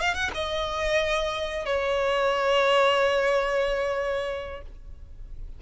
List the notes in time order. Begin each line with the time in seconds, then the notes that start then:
0.00 F5
0.14 F#5
0.34 D#5
1.65 C#5